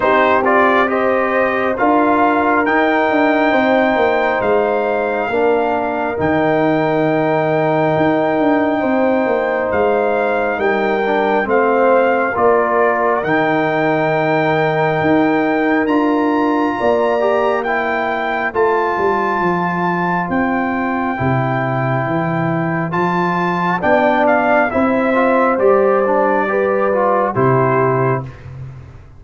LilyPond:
<<
  \new Staff \with { instrumentName = "trumpet" } { \time 4/4 \tempo 4 = 68 c''8 d''8 dis''4 f''4 g''4~ | g''4 f''2 g''4~ | g''2. f''4 | g''4 f''4 d''4 g''4~ |
g''2 ais''2 | g''4 a''2 g''4~ | g''2 a''4 g''8 f''8 | e''4 d''2 c''4 | }
  \new Staff \with { instrumentName = "horn" } { \time 4/4 g'4 c''4 ais'2 | c''2 ais'2~ | ais'2 c''2 | ais'4 c''4 ais'2~ |
ais'2. d''4 | c''1~ | c''2. d''4 | c''2 b'4 g'4 | }
  \new Staff \with { instrumentName = "trombone" } { \time 4/4 dis'8 f'8 g'4 f'4 dis'4~ | dis'2 d'4 dis'4~ | dis'1~ | dis'8 d'8 c'4 f'4 dis'4~ |
dis'2 f'4. g'8 | e'4 f'2. | e'2 f'4 d'4 | e'8 f'8 g'8 d'8 g'8 f'8 e'4 | }
  \new Staff \with { instrumentName = "tuba" } { \time 4/4 c'2 d'4 dis'8 d'8 | c'8 ais8 gis4 ais4 dis4~ | dis4 dis'8 d'8 c'8 ais8 gis4 | g4 a4 ais4 dis4~ |
dis4 dis'4 d'4 ais4~ | ais4 a8 g8 f4 c'4 | c4 e4 f4 b4 | c'4 g2 c4 | }
>>